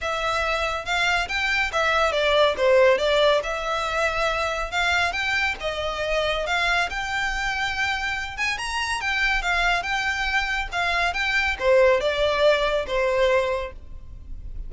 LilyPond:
\new Staff \with { instrumentName = "violin" } { \time 4/4 \tempo 4 = 140 e''2 f''4 g''4 | e''4 d''4 c''4 d''4 | e''2. f''4 | g''4 dis''2 f''4 |
g''2.~ g''8 gis''8 | ais''4 g''4 f''4 g''4~ | g''4 f''4 g''4 c''4 | d''2 c''2 | }